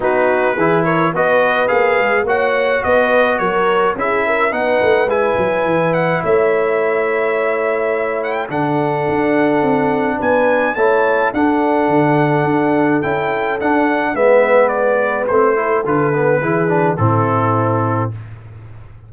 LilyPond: <<
  \new Staff \with { instrumentName = "trumpet" } { \time 4/4 \tempo 4 = 106 b'4. cis''8 dis''4 f''4 | fis''4 dis''4 cis''4 e''4 | fis''4 gis''4. fis''8 e''4~ | e''2~ e''8 fis''16 g''16 fis''4~ |
fis''2 gis''4 a''4 | fis''2. g''4 | fis''4 e''4 d''4 c''4 | b'2 a'2 | }
  \new Staff \with { instrumentName = "horn" } { \time 4/4 fis'4 gis'8 ais'8 b'2 | cis''4 b'4 ais'4 gis'8 ais'8 | b'2. cis''4~ | cis''2. a'4~ |
a'2 b'4 cis''4 | a'1~ | a'4 b'2~ b'8 a'8~ | a'4 gis'4 e'2 | }
  \new Staff \with { instrumentName = "trombone" } { \time 4/4 dis'4 e'4 fis'4 gis'4 | fis'2. e'4 | dis'4 e'2.~ | e'2. d'4~ |
d'2. e'4 | d'2. e'4 | d'4 b2 c'8 e'8 | f'8 b8 e'8 d'8 c'2 | }
  \new Staff \with { instrumentName = "tuba" } { \time 4/4 b4 e4 b4 ais8 gis8 | ais4 b4 fis4 cis'4 | b8 a8 gis8 fis8 e4 a4~ | a2. d4 |
d'4 c'4 b4 a4 | d'4 d4 d'4 cis'4 | d'4 gis2 a4 | d4 e4 a,2 | }
>>